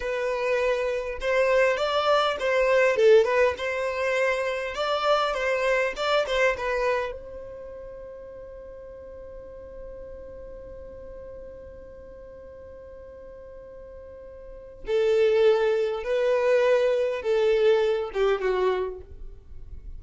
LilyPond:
\new Staff \with { instrumentName = "violin" } { \time 4/4 \tempo 4 = 101 b'2 c''4 d''4 | c''4 a'8 b'8 c''2 | d''4 c''4 d''8 c''8 b'4 | c''1~ |
c''1~ | c''1~ | c''4 a'2 b'4~ | b'4 a'4. g'8 fis'4 | }